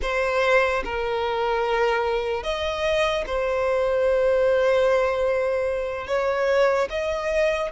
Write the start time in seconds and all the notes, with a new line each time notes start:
0.01 C5
0.84 A#4
2.43 D#5
3.26 C5
6.07 C#5
6.90 D#5